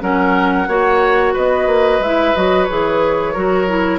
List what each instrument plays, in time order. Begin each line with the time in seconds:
0.00 bassoon F#3, clarinet C#4, oboe A#4, flute F#5
0.67 bassoon A#3, clarinet F#4, oboe C#5
1.34 bassoon B3, oboe B4, flute D#5
1.67 bassoon A#3
2.00 bassoon G#3, clarinet E4, flute E5
2.35 bassoon F#3, clarinet F#4, flute D#5
2.65 bassoon E3, clarinet G#4, flute C#5
3.33 bassoon F#3, clarinet F#4, oboe A#4
3.68 clarinet E4